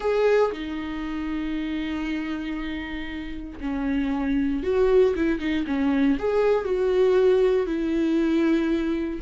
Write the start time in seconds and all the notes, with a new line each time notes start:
0.00 G#4
0.52 D#4
3.60 C#4
4.63 F#4
5.15 E4
5.39 D#4
5.66 C#4
6.19 G#4
6.65 F#4
7.66 E4